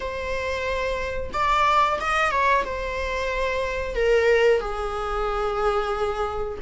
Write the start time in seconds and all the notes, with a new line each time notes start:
0.00 C5
1.33 D5
2.00 D#5
2.31 C#5
2.64 C5
3.95 A#4
4.60 G#4